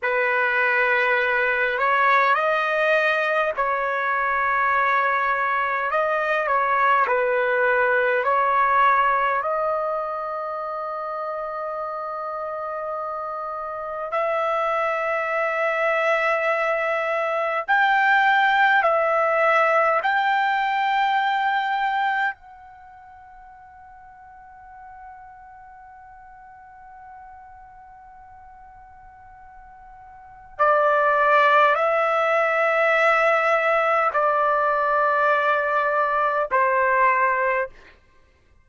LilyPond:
\new Staff \with { instrumentName = "trumpet" } { \time 4/4 \tempo 4 = 51 b'4. cis''8 dis''4 cis''4~ | cis''4 dis''8 cis''8 b'4 cis''4 | dis''1 | e''2. g''4 |
e''4 g''2 fis''4~ | fis''1~ | fis''2 d''4 e''4~ | e''4 d''2 c''4 | }